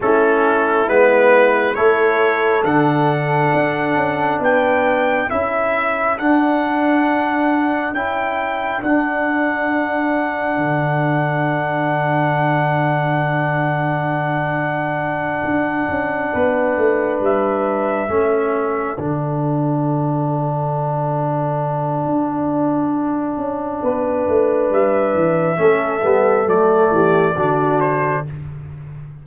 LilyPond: <<
  \new Staff \with { instrumentName = "trumpet" } { \time 4/4 \tempo 4 = 68 a'4 b'4 cis''4 fis''4~ | fis''4 g''4 e''4 fis''4~ | fis''4 g''4 fis''2~ | fis''1~ |
fis''2.~ fis''8 e''8~ | e''4. fis''2~ fis''8~ | fis''1 | e''2 d''4. c''8 | }
  \new Staff \with { instrumentName = "horn" } { \time 4/4 e'2 a'2~ | a'4 b'4 a'2~ | a'1~ | a'1~ |
a'2~ a'8 b'4.~ | b'8 a'2.~ a'8~ | a'2. b'4~ | b'4 a'4. g'8 fis'4 | }
  \new Staff \with { instrumentName = "trombone" } { \time 4/4 cis'4 b4 e'4 d'4~ | d'2 e'4 d'4~ | d'4 e'4 d'2~ | d'1~ |
d'1~ | d'8 cis'4 d'2~ d'8~ | d'1~ | d'4 cis'8 b8 a4 d'4 | }
  \new Staff \with { instrumentName = "tuba" } { \time 4/4 a4 gis4 a4 d4 | d'8 cis'8 b4 cis'4 d'4~ | d'4 cis'4 d'2 | d1~ |
d4. d'8 cis'8 b8 a8 g8~ | g8 a4 d2~ d8~ | d4 d'4. cis'8 b8 a8 | g8 e8 a8 g8 fis8 e8 d4 | }
>>